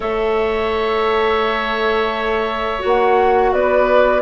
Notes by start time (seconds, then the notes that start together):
0.00 A3 A4 C#5 E5
2.79 A#3 F#4
2.86 F#5
3.52 B3 B4 D5